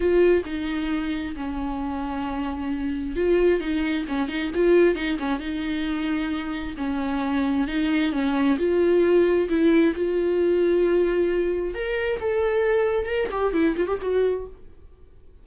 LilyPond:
\new Staff \with { instrumentName = "viola" } { \time 4/4 \tempo 4 = 133 f'4 dis'2 cis'4~ | cis'2. f'4 | dis'4 cis'8 dis'8 f'4 dis'8 cis'8 | dis'2. cis'4~ |
cis'4 dis'4 cis'4 f'4~ | f'4 e'4 f'2~ | f'2 ais'4 a'4~ | a'4 ais'8 g'8 e'8 f'16 g'16 fis'4 | }